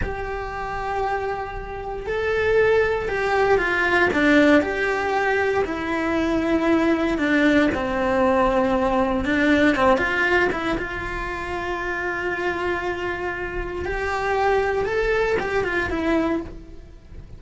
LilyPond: \new Staff \with { instrumentName = "cello" } { \time 4/4 \tempo 4 = 117 g'1 | a'2 g'4 f'4 | d'4 g'2 e'4~ | e'2 d'4 c'4~ |
c'2 d'4 c'8 f'8~ | f'8 e'8 f'2.~ | f'2. g'4~ | g'4 a'4 g'8 f'8 e'4 | }